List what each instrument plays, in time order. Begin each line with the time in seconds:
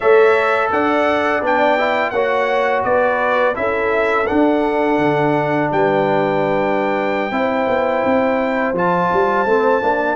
0.00 tuba A3, trombone A4, horn C#5, trumpet E5
0.72 tuba D4, horn D5, trumpet F#5
1.41 tuba B3, trombone D4, trumpet G5
1.78 trombone E4
2.10 tuba A#3, trombone F#4, horn C#5, trumpet F#5
2.83 tuba B3, horn B4, trumpet D5
3.54 tuba C#4, trombone E4, horn A4, trumpet E5
4.26 trombone D4, tuba D4, trumpet F#5
4.98 tuba D3
5.71 tuba G3, horn B4, trumpet G5
7.31 tuba C4, trombone E4, horn C5
7.67 tuba B3
8.05 tuba C4
8.73 tuba F3, trombone F4, trumpet A5
9.12 tuba G3
9.45 tuba A3, trombone C4
9.81 tuba A#3, trombone D4